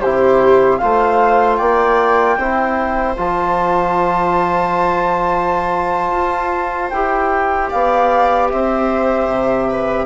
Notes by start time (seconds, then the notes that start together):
0.00 C3 E4 G4 C5
0.77 A3 F4 C5 F5
1.57 A#3 D5 G5
2.37 C4 E4 C5
3.17 F3 F4 A5
6.12 F4
6.90 E4 G4 G5
7.69 B3 D5 F5
8.50 C4 C5 E5
9.27 C3
9.69 B4